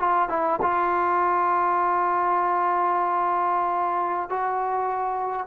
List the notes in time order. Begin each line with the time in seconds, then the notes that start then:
0.00 F4
0.29 E4
0.62 F4
4.30 F#4